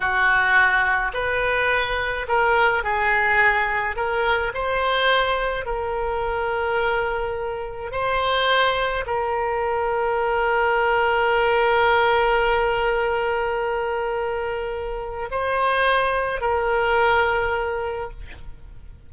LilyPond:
\new Staff \with { instrumentName = "oboe" } { \time 4/4 \tempo 4 = 106 fis'2 b'2 | ais'4 gis'2 ais'4 | c''2 ais'2~ | ais'2 c''2 |
ais'1~ | ais'1~ | ais'2. c''4~ | c''4 ais'2. | }